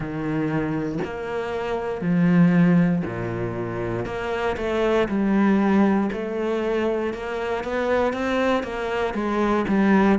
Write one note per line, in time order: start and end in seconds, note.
0.00 0.98 D#3
1.04 2.01 A#3
2.01 3.02 F3
3.05 4.05 A#2
4.05 4.56 A#3
4.57 5.08 A3
5.08 6.10 G3
6.12 7.13 A3
7.13 7.64 A#3
7.64 8.13 B3
8.13 8.63 C4
8.63 9.14 A#3
9.14 9.65 G#3
9.68 10.18 G3